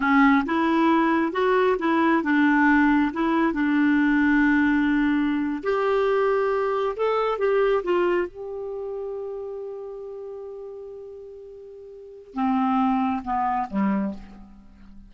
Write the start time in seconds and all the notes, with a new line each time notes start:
0.00 C#4
0.45 E4
1.32 F#4
1.79 E4
2.23 D4
3.13 E4
3.53 D4
5.63 G4
6.96 A4
7.38 G4
7.83 F4
8.27 G4
12.34 C4
13.24 B3
13.70 G3